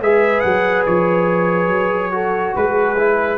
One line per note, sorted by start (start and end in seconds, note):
0.00 0.42 G#3
0.00 2.11 G#4
0.00 2.13 B4
0.00 0.40 E5
0.40 0.86 F#3
0.40 0.82 F#5
0.86 1.68 F3
0.86 2.55 C#5
1.68 2.52 F#3
2.11 2.96 F#4
2.11 2.55 A4
2.55 3.38 G#3
2.55 3.38 G#4
2.55 3.38 B4
2.98 3.38 E4